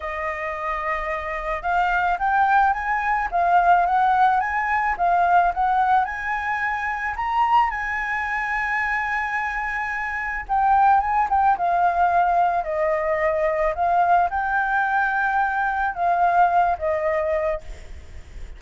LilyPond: \new Staff \with { instrumentName = "flute" } { \time 4/4 \tempo 4 = 109 dis''2. f''4 | g''4 gis''4 f''4 fis''4 | gis''4 f''4 fis''4 gis''4~ | gis''4 ais''4 gis''2~ |
gis''2. g''4 | gis''8 g''8 f''2 dis''4~ | dis''4 f''4 g''2~ | g''4 f''4. dis''4. | }